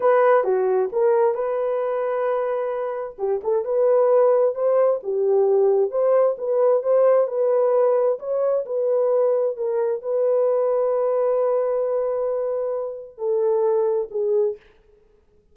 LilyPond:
\new Staff \with { instrumentName = "horn" } { \time 4/4 \tempo 4 = 132 b'4 fis'4 ais'4 b'4~ | b'2. g'8 a'8 | b'2 c''4 g'4~ | g'4 c''4 b'4 c''4 |
b'2 cis''4 b'4~ | b'4 ais'4 b'2~ | b'1~ | b'4 a'2 gis'4 | }